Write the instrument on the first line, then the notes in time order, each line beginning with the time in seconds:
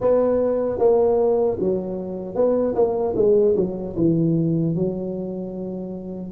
tuba
0.00 B3
0.78 A#3
1.59 F#3
2.35 B3
2.75 A#3
3.16 G#3
3.56 F#3
3.96 E3
4.75 F#3